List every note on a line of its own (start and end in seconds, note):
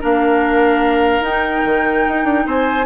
0.00 1.20 A#3
0.00 1.22 D4
0.00 2.45 A#4
0.00 1.24 F5
1.20 1.61 D#4
1.20 2.86 D#4
1.20 2.47 G5
1.64 2.05 D#3
2.08 2.24 D#4
2.24 2.44 D4
2.46 2.86 C4
2.46 2.86 C5
2.46 2.86 G#5